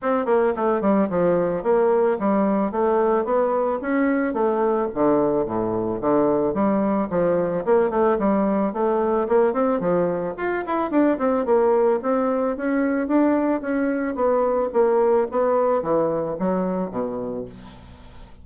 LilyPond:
\new Staff \with { instrumentName = "bassoon" } { \time 4/4 \tempo 4 = 110 c'8 ais8 a8 g8 f4 ais4 | g4 a4 b4 cis'4 | a4 d4 a,4 d4 | g4 f4 ais8 a8 g4 |
a4 ais8 c'8 f4 f'8 e'8 | d'8 c'8 ais4 c'4 cis'4 | d'4 cis'4 b4 ais4 | b4 e4 fis4 b,4 | }